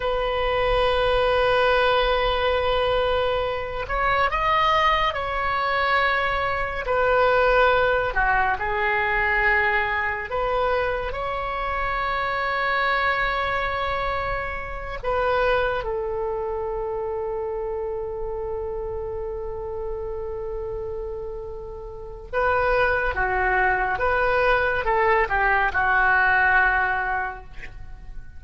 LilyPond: \new Staff \with { instrumentName = "oboe" } { \time 4/4 \tempo 4 = 70 b'1~ | b'8 cis''8 dis''4 cis''2 | b'4. fis'8 gis'2 | b'4 cis''2.~ |
cis''4. b'4 a'4.~ | a'1~ | a'2 b'4 fis'4 | b'4 a'8 g'8 fis'2 | }